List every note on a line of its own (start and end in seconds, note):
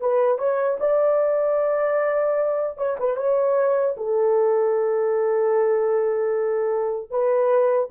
0.00 0.38 B4
0.38 0.78 C#5
0.80 2.77 D5
2.77 2.97 C#5
2.99 3.16 B4
3.16 3.95 C#5
3.97 7.11 A4
7.11 7.89 B4